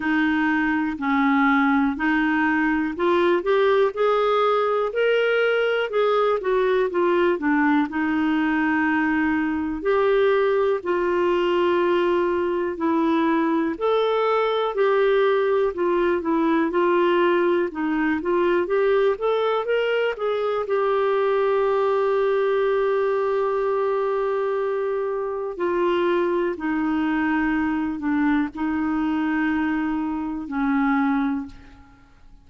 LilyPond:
\new Staff \with { instrumentName = "clarinet" } { \time 4/4 \tempo 4 = 61 dis'4 cis'4 dis'4 f'8 g'8 | gis'4 ais'4 gis'8 fis'8 f'8 d'8 | dis'2 g'4 f'4~ | f'4 e'4 a'4 g'4 |
f'8 e'8 f'4 dis'8 f'8 g'8 a'8 | ais'8 gis'8 g'2.~ | g'2 f'4 dis'4~ | dis'8 d'8 dis'2 cis'4 | }